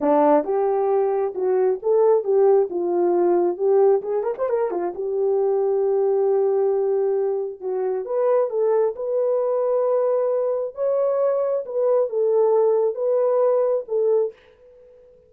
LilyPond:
\new Staff \with { instrumentName = "horn" } { \time 4/4 \tempo 4 = 134 d'4 g'2 fis'4 | a'4 g'4 f'2 | g'4 gis'8 ais'16 c''16 ais'8 f'8 g'4~ | g'1~ |
g'4 fis'4 b'4 a'4 | b'1 | cis''2 b'4 a'4~ | a'4 b'2 a'4 | }